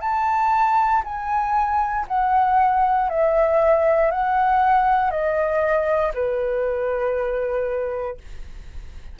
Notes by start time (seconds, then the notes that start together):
0.00 A5
1.04 G#5
2.08 F#5
3.09 E5
4.10 F#5
5.10 D#5
6.14 B4